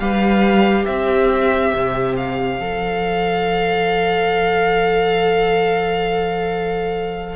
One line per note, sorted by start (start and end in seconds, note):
0.00 0.87 G3
0.00 2.61 G4
0.00 0.86 B4
0.00 0.86 F5
0.86 1.74 C4
0.86 7.36 C5
0.86 2.16 E5
1.74 2.59 C3
2.16 7.36 F5
2.59 7.36 F3
2.59 7.36 A4